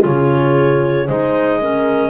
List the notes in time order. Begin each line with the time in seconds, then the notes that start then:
0.00 C#3 F4 G#4 C#5
1.07 G#3 D#4 C5 D#5
1.61 C#4 A#4